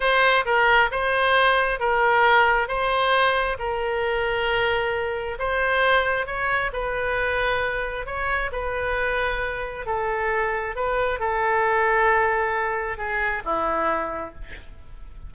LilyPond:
\new Staff \with { instrumentName = "oboe" } { \time 4/4 \tempo 4 = 134 c''4 ais'4 c''2 | ais'2 c''2 | ais'1 | c''2 cis''4 b'4~ |
b'2 cis''4 b'4~ | b'2 a'2 | b'4 a'2.~ | a'4 gis'4 e'2 | }